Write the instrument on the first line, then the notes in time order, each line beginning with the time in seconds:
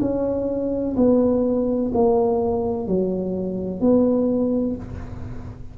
tuba
0.00 C#4
0.97 B3
1.94 A#3
2.87 F#3
3.81 B3